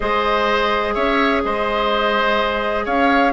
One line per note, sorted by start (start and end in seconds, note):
0.00 0.95 G#3
0.00 3.32 G#4
0.00 0.94 C5
0.00 0.94 D#5
0.94 1.43 C#4
0.94 1.42 C#5
0.94 1.41 E5
1.43 2.86 G#3
1.43 2.85 C5
1.43 2.86 D#5
2.85 3.32 C#4
2.85 3.32 C#5
2.85 3.32 F5